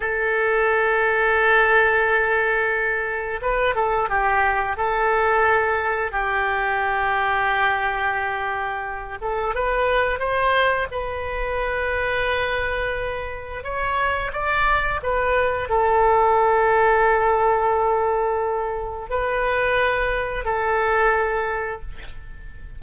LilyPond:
\new Staff \with { instrumentName = "oboe" } { \time 4/4 \tempo 4 = 88 a'1~ | a'4 b'8 a'8 g'4 a'4~ | a'4 g'2.~ | g'4. a'8 b'4 c''4 |
b'1 | cis''4 d''4 b'4 a'4~ | a'1 | b'2 a'2 | }